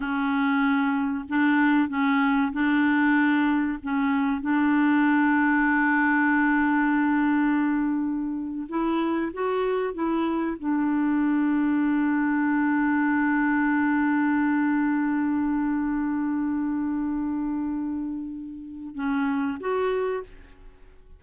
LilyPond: \new Staff \with { instrumentName = "clarinet" } { \time 4/4 \tempo 4 = 95 cis'2 d'4 cis'4 | d'2 cis'4 d'4~ | d'1~ | d'4.~ d'16 e'4 fis'4 e'16~ |
e'8. d'2.~ d'16~ | d'1~ | d'1~ | d'2 cis'4 fis'4 | }